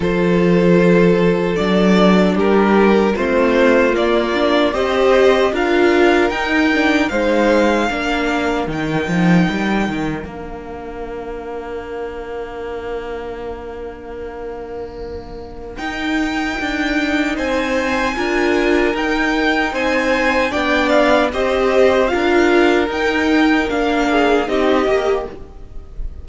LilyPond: <<
  \new Staff \with { instrumentName = "violin" } { \time 4/4 \tempo 4 = 76 c''2 d''4 ais'4 | c''4 d''4 dis''4 f''4 | g''4 f''2 g''4~ | g''4 f''2.~ |
f''1 | g''2 gis''2 | g''4 gis''4 g''8 f''8 dis''4 | f''4 g''4 f''4 dis''4 | }
  \new Staff \with { instrumentName = "violin" } { \time 4/4 a'2. g'4 | f'2 c''4 ais'4~ | ais'4 c''4 ais'2~ | ais'1~ |
ais'1~ | ais'2 c''4 ais'4~ | ais'4 c''4 d''4 c''4 | ais'2~ ais'8 gis'8 g'4 | }
  \new Staff \with { instrumentName = "viola" } { \time 4/4 f'2 d'2 | c'4 ais8 d'8 g'4 f'4 | dis'8 d'8 dis'4 d'4 dis'4~ | dis'4 d'2.~ |
d'1 | dis'2. f'4 | dis'2 d'4 g'4 | f'4 dis'4 d'4 dis'8 g'8 | }
  \new Staff \with { instrumentName = "cello" } { \time 4/4 f2 fis4 g4 | a4 ais4 c'4 d'4 | dis'4 gis4 ais4 dis8 f8 | g8 dis8 ais2.~ |
ais1 | dis'4 d'4 c'4 d'4 | dis'4 c'4 b4 c'4 | d'4 dis'4 ais4 c'8 ais8 | }
>>